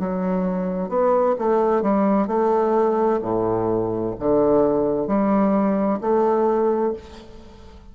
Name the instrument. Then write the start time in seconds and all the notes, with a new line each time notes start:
bassoon
0.00 F#3
0.89 B3
1.38 A3
1.82 G3
2.27 A3
3.22 A2
4.20 D3
5.07 G3
6.01 A3